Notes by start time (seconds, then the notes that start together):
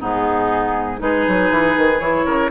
0.00 G#2 B3 D#4 G#4
0.99 G#3 D#4 G#4 B4
1.27 F#3
1.51 E3
1.77 D#3
2.00 E3 E4 C#5
2.25 C#3 A#4